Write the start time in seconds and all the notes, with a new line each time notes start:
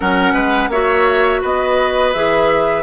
0.00 F#3 C#4 A#4 F#5
0.33 G#3 B4
0.68 A#3 F#4 C#5 E5
1.41 B3 B4 D#5
2.13 E3 G#4 E5